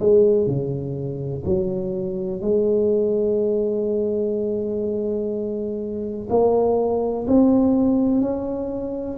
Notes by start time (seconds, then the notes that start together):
0.00 G#3
0.47 C#3
1.46 F#3
2.41 G#3
6.30 A#3
7.27 C4
8.22 C#4